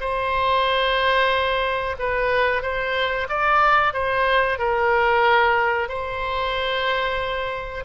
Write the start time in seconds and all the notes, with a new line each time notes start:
0.00 C5
1.99 B4
2.62 C5
3.29 D5
3.93 C5
4.59 A#4
5.88 C5